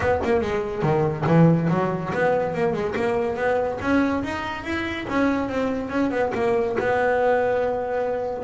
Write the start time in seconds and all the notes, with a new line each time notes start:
0.00 B3
0.24 A#3
0.41 G#3
0.82 D#3
1.26 E3
1.69 F#3
2.13 B3
2.54 A#3
2.73 G#3
2.95 A#3
3.36 B3
3.81 C#4
4.23 D#4
4.64 E4
5.09 C#4
5.48 C4
5.89 C#4
6.11 B3
6.34 A#3
6.79 B3